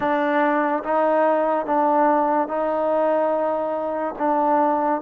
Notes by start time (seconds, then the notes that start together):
0.00 D4
0.83 D#4
1.66 D4
2.48 D#4
4.18 D4